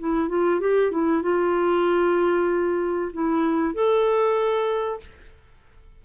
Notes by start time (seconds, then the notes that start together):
0.00 E4
0.29 F4
0.61 G4
0.92 E4
1.23 F4
3.13 E4
3.75 A4